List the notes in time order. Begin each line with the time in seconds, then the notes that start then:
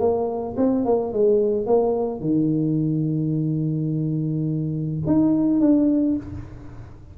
0.00 A#3
0.57 C4
0.85 A#3
1.13 G#3
1.67 A#3
2.20 D#3
5.07 D#4
5.60 D4